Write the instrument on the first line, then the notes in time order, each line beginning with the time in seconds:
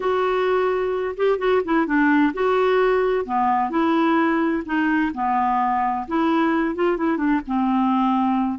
clarinet
0.00 F#4
1.16 G4
1.38 F#4
1.64 E4
1.86 D4
2.33 F#4
3.25 B3
3.70 E4
4.65 D#4
5.14 B3
6.07 E4
6.75 F4
6.97 E4
7.17 D4
7.46 C4